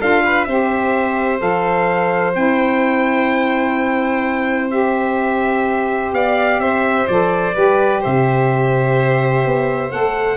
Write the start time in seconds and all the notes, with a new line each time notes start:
0.00 D4 F4 A4 F5
0.25 B4
0.45 C4 G4 C5 E5
1.39 F3 A4 F5
2.35 C4 E4 G5
4.71 G4 E5
6.13 B3 D5 F5
6.59 C4 C5 E5
7.08 F3 A4 D5
7.54 G3 G4 B4
8.01 C3 C5 E5
9.46 B3
9.90 A3 A4 F#5